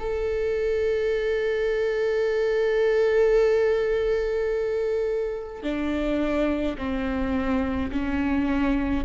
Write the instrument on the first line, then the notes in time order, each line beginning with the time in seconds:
viola
0.00 A4
5.63 D4
6.78 C4
7.92 C#4